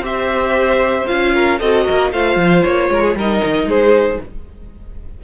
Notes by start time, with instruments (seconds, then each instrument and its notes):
0.00 cello C4, viola G4, violin C5 E5
1.06 cello C#4, viola F4, violin F5
1.34 violin A#4
1.60 cello C4, viola F#4, violin A4 D#5
1.85 cello A#3, violin A#4
2.13 cello A3, viola F4, violin C5 F5
2.37 cello F3
2.64 cello A#3, violin C#5
2.90 cello G#3, violin A#4
3.03 violin G#4
3.15 cello G3, viola D#4, violin A#4 D#5
3.45 cello D#3
3.65 cello G#3, violin G#4 C5